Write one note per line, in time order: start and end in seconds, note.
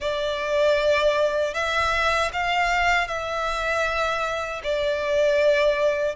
0.00 1.54 D5
1.54 2.31 E5
2.33 3.07 F5
3.07 4.61 E5
4.63 6.15 D5